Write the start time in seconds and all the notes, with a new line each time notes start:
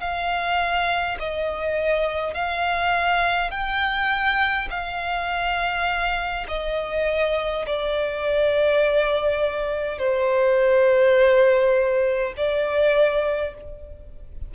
0.00 F5
1.19 D#5
2.34 F5
3.51 G5
4.70 F5
6.48 D#5
7.66 D5
9.98 C5
12.36 D5